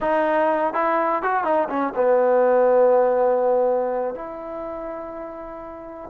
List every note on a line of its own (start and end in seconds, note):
0.00 0.73 D#4
0.73 1.22 E4
1.22 1.44 F#4
1.44 1.68 D#4
1.69 1.93 C#4
1.95 4.14 B3
4.14 6.10 E4